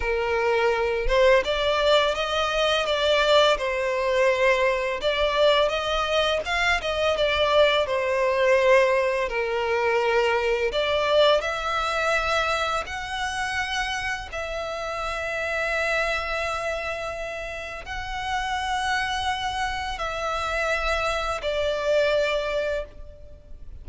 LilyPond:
\new Staff \with { instrumentName = "violin" } { \time 4/4 \tempo 4 = 84 ais'4. c''8 d''4 dis''4 | d''4 c''2 d''4 | dis''4 f''8 dis''8 d''4 c''4~ | c''4 ais'2 d''4 |
e''2 fis''2 | e''1~ | e''4 fis''2. | e''2 d''2 | }